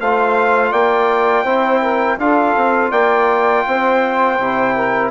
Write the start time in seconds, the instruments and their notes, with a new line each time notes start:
0.00 bassoon A3, trombone F4, saxophone C5, trumpet F5
0.71 bassoon A#3, saxophone D5, trumpet G5
1.44 bassoon C4, trombone E4, saxophone C5
1.81 saxophone A#4
2.18 bassoon D4, trombone F4, saxophone A4, trumpet F5
2.57 bassoon C4
2.91 bassoon A#3, saxophone D5, trumpet G5
3.67 bassoon C4, saxophone C5
4.39 bassoon C3, trombone E4
4.75 saxophone A#4